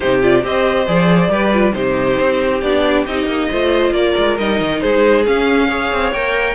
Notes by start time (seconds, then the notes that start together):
0.00 C3 D#4 G4 C5
0.22 F4 D5
0.42 C4 G4 C5 D#5
0.87 F3 G#4 D5
1.28 G3 G4 B4
1.53 F4
1.72 C3 D#4 G4 C5
2.19 C4
2.61 B3 D4 D5
3.06 C4 D#4 D#5
3.26 A#3
3.50 A3 F4 C5
3.90 A#3 A#4 D5
4.17 G#3
4.38 G3 D#4 D#5
4.60 D#3
4.80 G#3 G#4 C5
5.25 C#4 F5
5.68 G#4 C#5
5.92 C4
6.12 A#3 A#4 G5